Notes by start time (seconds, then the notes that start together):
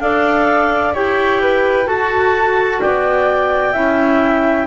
0.00 D4 A4 D5 F5
0.94 E4 G4 C#5 G5
1.41 B4
1.85 F#4 A4 A5
2.81 B3 D5 G5
3.73 C#4 E4 E5